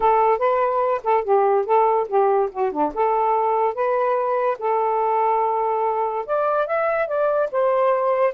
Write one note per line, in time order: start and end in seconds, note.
0.00 0.38 A4
0.38 1.01 B4
1.03 1.23 A4
1.23 1.65 G4
1.65 2.07 A4
2.08 2.49 G4
2.51 2.72 F#4
2.72 2.92 D4
2.94 3.74 A4
3.74 4.57 B4
4.59 6.25 A4
6.25 6.66 D5
6.66 7.07 E5
7.07 7.49 D5
7.51 8.33 C5